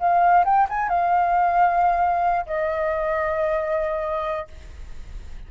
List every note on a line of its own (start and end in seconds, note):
0.00 0.45 F5
0.45 0.67 G5
0.70 0.89 G#5
0.89 2.45 F5
2.46 4.48 D#5